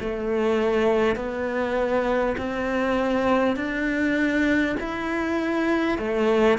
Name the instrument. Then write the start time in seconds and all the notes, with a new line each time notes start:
cello
0.00 A3
1.16 B3
2.38 C4
3.57 D4
4.80 E4
5.99 A3